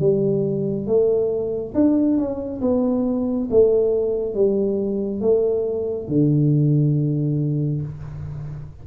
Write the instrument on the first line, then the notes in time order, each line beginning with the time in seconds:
tuba
0.00 G3
0.87 A3
1.75 D4
2.18 C#4
2.62 B3
3.51 A3
4.35 G3
5.21 A3
6.08 D3